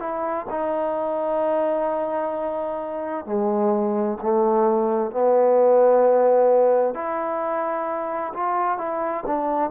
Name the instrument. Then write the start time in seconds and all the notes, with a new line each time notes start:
trombone
0.00 E4
0.50 D#4
3.26 G#3
4.22 A3
5.11 B3
6.94 E4
8.34 F4
8.78 E4
9.27 D4